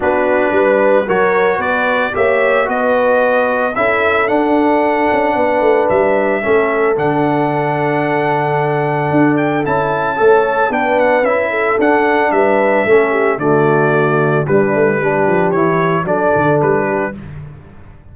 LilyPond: <<
  \new Staff \with { instrumentName = "trumpet" } { \time 4/4 \tempo 4 = 112 b'2 cis''4 d''4 | e''4 dis''2 e''4 | fis''2. e''4~ | e''4 fis''2.~ |
fis''4. g''8 a''2 | g''8 fis''8 e''4 fis''4 e''4~ | e''4 d''2 b'4~ | b'4 cis''4 d''4 b'4 | }
  \new Staff \with { instrumentName = "horn" } { \time 4/4 fis'4 b'4 ais'4 b'4 | cis''4 b'2 a'4~ | a'2 b'2 | a'1~ |
a'2. cis''4 | b'4. a'4. b'4 | a'8 g'8 fis'2 d'4 | g'2 a'4. g'8 | }
  \new Staff \with { instrumentName = "trombone" } { \time 4/4 d'2 fis'2 | g'4 fis'2 e'4 | d'1 | cis'4 d'2.~ |
d'2 e'4 a'4 | d'4 e'4 d'2 | cis'4 a2 g4 | d'4 e'4 d'2 | }
  \new Staff \with { instrumentName = "tuba" } { \time 4/4 b4 g4 fis4 b4 | ais4 b2 cis'4 | d'4. cis'8 b8 a8 g4 | a4 d2.~ |
d4 d'4 cis'4 a4 | b4 cis'4 d'4 g4 | a4 d2 g8 a8 | g8 f8 e4 fis8 d8 g4 | }
>>